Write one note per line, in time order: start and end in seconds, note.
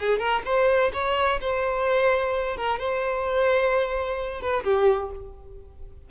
0.00 0.19 G#4
0.19 0.42 A#4
0.45 0.92 C5
0.94 1.40 C#5
1.41 2.57 C5
2.57 2.79 A#4
2.79 4.41 C5
4.41 4.64 B4
4.64 5.11 G4